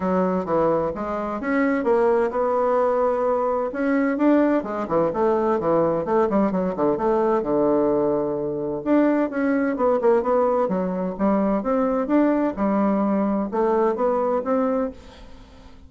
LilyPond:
\new Staff \with { instrumentName = "bassoon" } { \time 4/4 \tempo 4 = 129 fis4 e4 gis4 cis'4 | ais4 b2. | cis'4 d'4 gis8 e8 a4 | e4 a8 g8 fis8 d8 a4 |
d2. d'4 | cis'4 b8 ais8 b4 fis4 | g4 c'4 d'4 g4~ | g4 a4 b4 c'4 | }